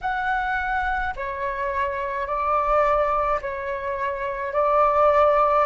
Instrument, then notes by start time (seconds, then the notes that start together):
flute
0.01 F#5
1.16 C#5
2.26 D5
3.41 C#5
4.52 D5